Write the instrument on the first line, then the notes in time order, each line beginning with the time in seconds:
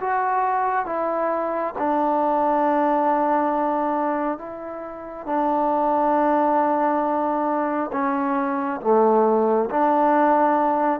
trombone
0.00 F#4
0.85 E4
1.78 D4
4.38 E4
5.26 D4
7.92 C#4
8.81 A3
9.70 D4